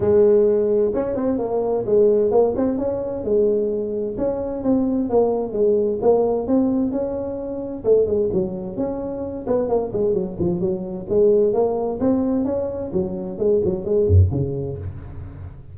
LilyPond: \new Staff \with { instrumentName = "tuba" } { \time 4/4 \tempo 4 = 130 gis2 cis'8 c'8 ais4 | gis4 ais8 c'8 cis'4 gis4~ | gis4 cis'4 c'4 ais4 | gis4 ais4 c'4 cis'4~ |
cis'4 a8 gis8 fis4 cis'4~ | cis'8 b8 ais8 gis8 fis8 f8 fis4 | gis4 ais4 c'4 cis'4 | fis4 gis8 fis8 gis8 fis,8 cis4 | }